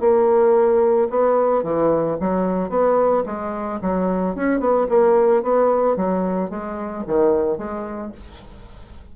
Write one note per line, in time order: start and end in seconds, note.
0.00 1.08 A#3
1.10 1.63 B3
1.63 2.17 E3
2.20 2.69 F#3
2.69 3.23 B3
3.26 3.80 G#3
3.82 4.35 F#3
4.35 4.60 C#4
4.60 4.87 B3
4.89 5.42 A#3
5.42 5.96 B3
5.96 6.49 F#3
6.49 7.03 G#3
7.07 7.57 D#3
7.57 8.12 G#3